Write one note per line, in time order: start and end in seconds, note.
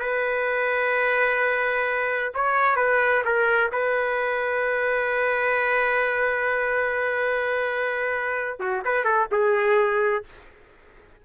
0.00 2.33 B4
2.35 2.77 C#5
2.77 3.23 B4
3.25 3.72 A#4
3.73 8.60 B4
8.60 8.83 F#4
8.85 9.05 B4
9.05 9.28 A4
9.32 10.25 G#4